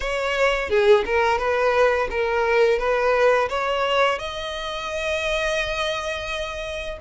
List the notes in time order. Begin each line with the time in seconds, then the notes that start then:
0.00 C#5
0.69 G#4
1.05 A#4
1.38 B4
2.10 A#4
2.78 B4
3.49 C#5
4.19 D#5